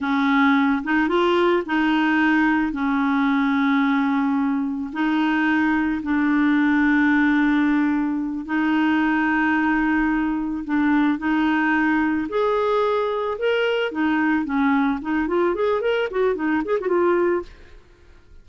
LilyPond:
\new Staff \with { instrumentName = "clarinet" } { \time 4/4 \tempo 4 = 110 cis'4. dis'8 f'4 dis'4~ | dis'4 cis'2.~ | cis'4 dis'2 d'4~ | d'2.~ d'8 dis'8~ |
dis'2.~ dis'8 d'8~ | d'8 dis'2 gis'4.~ | gis'8 ais'4 dis'4 cis'4 dis'8 | f'8 gis'8 ais'8 fis'8 dis'8 gis'16 fis'16 f'4 | }